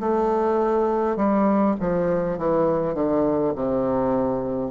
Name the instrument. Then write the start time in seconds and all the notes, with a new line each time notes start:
bassoon
0.00 A3
1.16 G3
1.80 F3
2.38 E3
2.94 D3
3.55 C3